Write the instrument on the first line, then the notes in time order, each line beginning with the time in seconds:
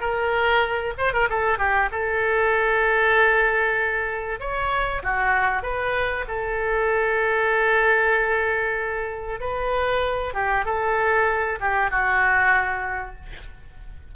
oboe
0.00 A#4
0.98 C5
1.13 A#4
1.29 A4
1.58 G4
1.91 A4
4.40 C#5
5.03 F#4
5.62 B4
6.28 A4
9.40 B4
10.34 G4
10.65 A4
11.60 G4
11.90 F#4